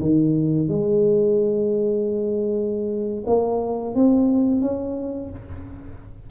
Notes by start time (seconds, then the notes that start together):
0.00 D#3
0.68 G#3
3.26 A#3
3.95 C4
4.61 C#4